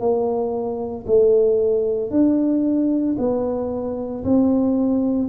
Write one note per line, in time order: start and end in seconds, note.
0.00 1.05 A#3
1.07 2.11 A3
2.11 3.16 D4
3.19 4.24 B3
4.24 5.29 C4